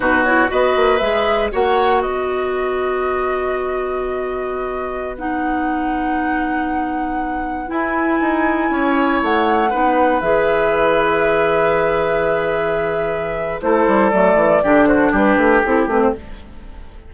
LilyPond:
<<
  \new Staff \with { instrumentName = "flute" } { \time 4/4 \tempo 4 = 119 b'8 cis''8 dis''4 e''4 fis''4 | dis''1~ | dis''2~ dis''16 fis''4.~ fis''16~ | fis''2.~ fis''16 gis''8.~ |
gis''2~ gis''16 fis''4.~ fis''16~ | fis''16 e''2.~ e''8.~ | e''2. c''4 | d''4. c''8 b'4 a'8 b'16 c''16 | }
  \new Staff \with { instrumentName = "oboe" } { \time 4/4 fis'4 b'2 cis''4 | b'1~ | b'1~ | b'1~ |
b'4~ b'16 cis''2 b'8.~ | b'1~ | b'2. a'4~ | a'4 g'8 fis'8 g'2 | }
  \new Staff \with { instrumentName = "clarinet" } { \time 4/4 dis'8 e'8 fis'4 gis'4 fis'4~ | fis'1~ | fis'2~ fis'16 dis'4.~ dis'16~ | dis'2.~ dis'16 e'8.~ |
e'2.~ e'16 dis'8.~ | dis'16 gis'2.~ gis'8.~ | gis'2. e'4 | a4 d'2 e'8 c'8 | }
  \new Staff \with { instrumentName = "bassoon" } { \time 4/4 b,4 b8 ais8 gis4 ais4 | b1~ | b1~ | b2.~ b16 e'8.~ |
e'16 dis'4 cis'4 a4 b8.~ | b16 e2.~ e8.~ | e2. a8 g8 | fis8 e8 d4 g8 a8 c'8 a8 | }
>>